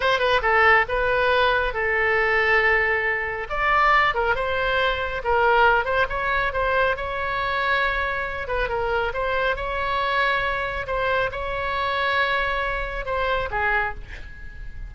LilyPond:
\new Staff \with { instrumentName = "oboe" } { \time 4/4 \tempo 4 = 138 c''8 b'8 a'4 b'2 | a'1 | d''4. ais'8 c''2 | ais'4. c''8 cis''4 c''4 |
cis''2.~ cis''8 b'8 | ais'4 c''4 cis''2~ | cis''4 c''4 cis''2~ | cis''2 c''4 gis'4 | }